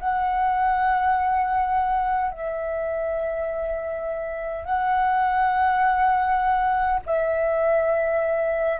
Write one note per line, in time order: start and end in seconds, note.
0.00 2.32 F#5
2.32 4.65 E5
4.65 7.01 F#5
7.06 8.80 E5